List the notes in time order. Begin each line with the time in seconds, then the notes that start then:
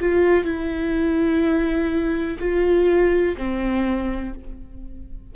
0.00 F4
0.44 E4
2.39 F4
3.37 C4